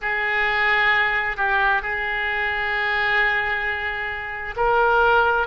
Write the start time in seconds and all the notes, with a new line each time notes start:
0.01 G#4
1.36 G4
1.82 G#4
4.56 A#4